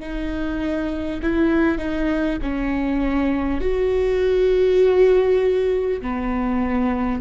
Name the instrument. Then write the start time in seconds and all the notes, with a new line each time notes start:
viola
0.00 D#4
1.23 E4
1.78 D#4
2.42 C#4
3.61 F#4
6.01 B3